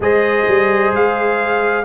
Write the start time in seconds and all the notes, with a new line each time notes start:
0.00 G#3 G#4 C5 D#5
0.47 G3
0.92 G#3 F5